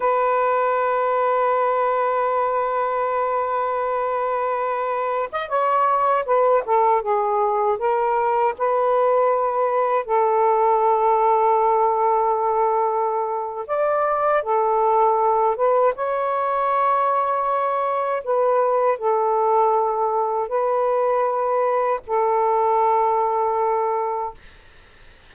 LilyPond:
\new Staff \with { instrumentName = "saxophone" } { \time 4/4 \tempo 4 = 79 b'1~ | b'2. dis''16 cis''8.~ | cis''16 b'8 a'8 gis'4 ais'4 b'8.~ | b'4~ b'16 a'2~ a'8.~ |
a'2 d''4 a'4~ | a'8 b'8 cis''2. | b'4 a'2 b'4~ | b'4 a'2. | }